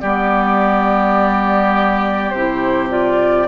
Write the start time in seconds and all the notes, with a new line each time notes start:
0.00 G3 B3 G4 D5
2.30 C3 C5
2.36 E4
2.89 F4 D5